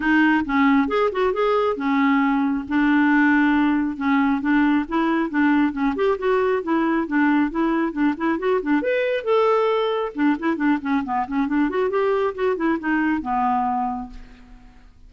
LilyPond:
\new Staff \with { instrumentName = "clarinet" } { \time 4/4 \tempo 4 = 136 dis'4 cis'4 gis'8 fis'8 gis'4 | cis'2 d'2~ | d'4 cis'4 d'4 e'4 | d'4 cis'8 g'8 fis'4 e'4 |
d'4 e'4 d'8 e'8 fis'8 d'8 | b'4 a'2 d'8 e'8 | d'8 cis'8 b8 cis'8 d'8 fis'8 g'4 | fis'8 e'8 dis'4 b2 | }